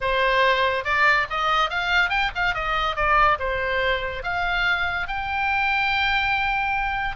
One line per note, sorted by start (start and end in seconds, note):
0.00 0.84 C5
0.84 1.26 D5
1.30 1.69 D#5
1.69 2.09 F5
2.09 2.30 G5
2.35 2.54 F5
2.54 2.96 D#5
2.96 3.38 D5
3.39 4.23 C5
4.23 5.07 F5
5.07 7.16 G5